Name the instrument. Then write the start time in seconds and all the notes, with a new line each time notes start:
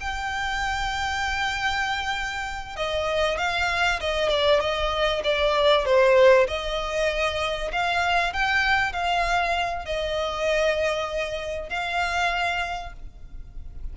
violin
0.00 G5
2.76 D#5
3.38 F5
4.00 D#5
4.29 D5
4.60 D#5
5.24 D5
5.85 C5
6.48 D#5
7.72 F5
8.33 G5
8.93 F5
9.85 D#5
11.69 F5